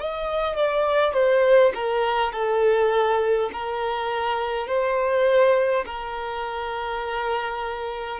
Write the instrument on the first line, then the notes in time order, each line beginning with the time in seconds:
violin
0.00 D#5
0.56 D5
1.14 C5
1.74 A#4
2.33 A4
3.53 A#4
4.67 C5
5.86 A#4